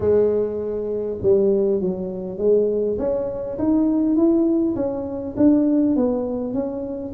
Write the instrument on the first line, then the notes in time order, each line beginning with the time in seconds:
tuba
0.00 G#3
1.22 G3
1.81 F#3
2.38 G#3
2.98 C#4
3.58 D#4
4.16 E4
4.75 C#4
5.36 D4
5.95 B3
6.53 C#4